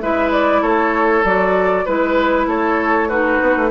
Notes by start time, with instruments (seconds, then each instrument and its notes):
0.00 bassoon G#3, clarinet E4, oboe B4, flute E5
0.32 flute D5
0.62 bassoon A3, oboe A4, flute C#5
1.24 bassoon F#3, clarinet F#4, flute D5
1.85 bassoon G#3, clarinet E4, oboe B4, flute B4
2.47 bassoon A3, oboe A4, flute C#5
3.09 clarinet D#4, oboe F#4, flute B4
3.42 bassoon B3
3.57 bassoon A3